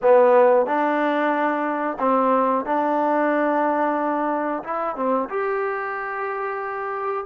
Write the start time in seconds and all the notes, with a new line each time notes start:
0.02 B3
0.66 D4
1.99 C4
2.65 D4
4.63 E4
4.96 C4
5.29 G4